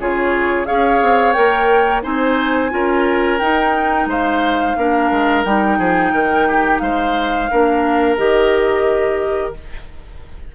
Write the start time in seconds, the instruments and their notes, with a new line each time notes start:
0.00 bassoon C#3, clarinet F4, oboe G#4, flute C#5
0.66 bassoon C#4, clarinet G#4, oboe C#5, flute F5
1.02 bassoon C4
1.33 bassoon A#3, clarinet A#4, flute G5
2.03 bassoon C4, clarinet D#4, oboe C5, flute G#5
2.70 bassoon C#4, clarinet F4, oboe A#4
3.39 bassoon D#4, clarinet D#4, flute G5
4.06 bassoon G#3, oboe C5, flute F5
4.77 bassoon A#3, clarinet D4, oboe A#4
5.11 bassoon G#3
5.44 bassoon G3, clarinet D#4, flute G5
5.78 bassoon F3, oboe G#4
6.12 bassoon D#3, oboe A#4
6.48 oboe G4
6.79 bassoon G#3, oboe C5, flute F5
7.51 bassoon A#3, clarinet D4, oboe A#4
8.17 bassoon D#3, clarinet G4, flute D#5